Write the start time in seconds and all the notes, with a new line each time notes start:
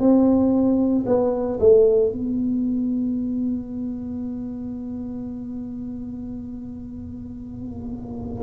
0.00 C4
1.06 B3
1.60 A3
2.12 B3